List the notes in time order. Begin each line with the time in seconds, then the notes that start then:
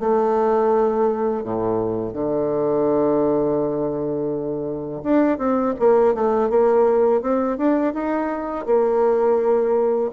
0.00 A3
1.44 A2
2.14 D3
5.03 D4
5.39 C4
5.79 A#3
6.15 A3
6.50 A#3
7.22 C4
7.58 D4
7.94 D#4
8.66 A#3